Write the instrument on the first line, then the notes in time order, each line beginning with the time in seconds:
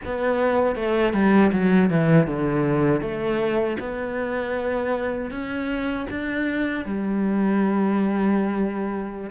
cello
0.05 B3
0.75 A3
1.13 G3
1.52 F#3
1.90 E3
2.26 D3
3.01 A3
3.79 B3
5.31 C#4
6.10 D4
6.85 G3